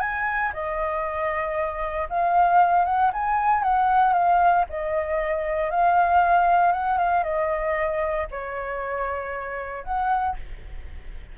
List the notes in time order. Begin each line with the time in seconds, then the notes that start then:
0.00 G#5
0.53 D#5
2.09 F5
2.85 F#5
3.13 G#5
3.63 F#5
4.13 F5
4.69 D#5
5.71 F5
6.72 F#5
6.98 F5
7.23 D#5
8.31 C#5
9.84 F#5